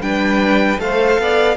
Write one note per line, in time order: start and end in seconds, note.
0.00 0.78 G3
0.00 0.78 D4
0.00 0.81 B4
0.00 0.79 G5
0.78 1.18 A3
0.78 1.56 A4
0.78 1.21 C5
0.78 1.56 F5
1.18 1.56 B3
1.18 1.56 D5